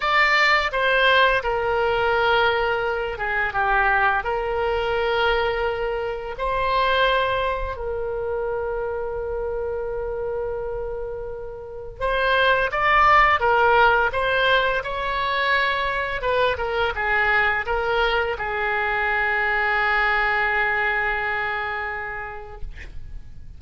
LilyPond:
\new Staff \with { instrumentName = "oboe" } { \time 4/4 \tempo 4 = 85 d''4 c''4 ais'2~ | ais'8 gis'8 g'4 ais'2~ | ais'4 c''2 ais'4~ | ais'1~ |
ais'4 c''4 d''4 ais'4 | c''4 cis''2 b'8 ais'8 | gis'4 ais'4 gis'2~ | gis'1 | }